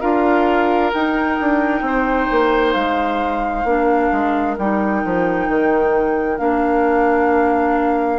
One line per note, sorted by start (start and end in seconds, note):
0.00 0.93 D4
0.00 0.91 F4
0.00 1.82 A#4
0.00 0.91 F5
0.93 1.39 D#4
0.93 3.66 D#4
0.93 2.73 G5
1.40 1.81 D4
1.81 2.27 C4
1.81 3.67 C5
2.30 2.75 A#3
2.73 3.64 G#3
2.73 4.54 F5
3.64 4.09 A#3
3.64 4.57 D4
3.64 8.18 A#4
4.12 4.57 G#3
4.58 5.03 G3
4.58 6.38 D#4
4.58 6.38 G5
5.04 5.48 F3
5.48 6.39 D#3
6.38 8.18 A#3
6.38 8.18 D4
6.38 8.18 F5